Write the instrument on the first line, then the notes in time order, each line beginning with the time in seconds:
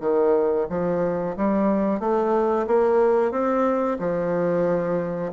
bassoon
0.00 D#3
0.69 F3
1.36 G3
1.99 A3
2.67 A#3
3.31 C4
3.98 F3